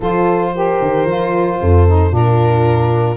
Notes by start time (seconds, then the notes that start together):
0.00 F3 F4 A4 C5
0.54 G4 A#4
0.81 D#3
1.04 F3 F4
1.60 F2 A4
1.86 D#4
2.09 A#2 D4 F4 A#4